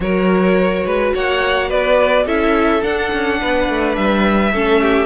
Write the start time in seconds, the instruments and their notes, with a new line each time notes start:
0.00 cello F#3, viola F#4, violin A#4 C#5
0.85 cello G#3, violin B4
1.14 cello A#3, violin C#5 F#5
1.68 cello B3, violin B4 D5
2.25 cello C#4, viola E4, violin A4 E5
2.82 viola D4, cello D4, violin F#5
3.12 cello C#4
3.40 cello B3, violin B4
3.69 cello A3
3.95 cello G3, violin E5
4.52 cello A3, viola C#4, violin A4
4.81 violin G4